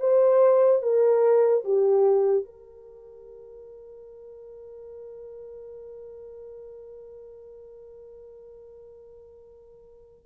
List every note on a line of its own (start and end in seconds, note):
0.00 0.82 C5
0.83 1.64 A#4
1.64 2.45 G4
2.45 10.26 A#4